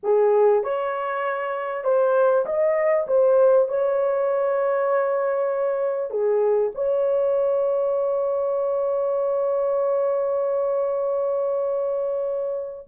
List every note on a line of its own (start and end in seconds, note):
0.03 0.63 G#4
0.63 1.83 C#5
1.83 2.45 C5
2.45 3.06 D#5
3.07 3.68 C5
3.68 6.10 C#5
6.10 6.71 G#4
6.75 12.87 C#5